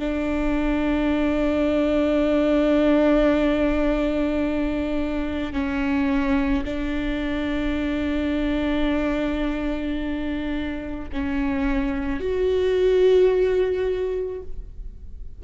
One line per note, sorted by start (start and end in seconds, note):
0.00 5.54 D4
5.54 6.65 C#4
6.65 11.09 D4
11.13 12.21 C#4
12.21 14.43 F#4